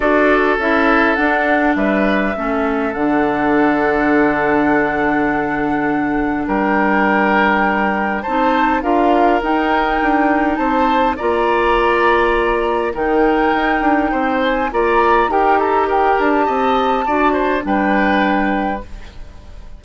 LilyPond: <<
  \new Staff \with { instrumentName = "flute" } { \time 4/4 \tempo 4 = 102 d''4 e''4 fis''4 e''4~ | e''4 fis''2.~ | fis''2. g''4~ | g''2 a''4 f''4 |
g''2 a''4 ais''4~ | ais''2 g''2~ | g''8 gis''8 ais''4 g''8 ais''8 g''8 a''8~ | a''2 g''2 | }
  \new Staff \with { instrumentName = "oboe" } { \time 4/4 a'2. b'4 | a'1~ | a'2. ais'4~ | ais'2 c''4 ais'4~ |
ais'2 c''4 d''4~ | d''2 ais'2 | c''4 d''4 ais'8 a'8 ais'4 | dis''4 d''8 c''8 b'2 | }
  \new Staff \with { instrumentName = "clarinet" } { \time 4/4 fis'4 e'4 d'2 | cis'4 d'2.~ | d'1~ | d'2 dis'4 f'4 |
dis'2. f'4~ | f'2 dis'2~ | dis'4 f'4 g'2~ | g'4 fis'4 d'2 | }
  \new Staff \with { instrumentName = "bassoon" } { \time 4/4 d'4 cis'4 d'4 g4 | a4 d2.~ | d2. g4~ | g2 c'4 d'4 |
dis'4 d'4 c'4 ais4~ | ais2 dis4 dis'8 d'8 | c'4 ais4 dis'4. d'8 | c'4 d'4 g2 | }
>>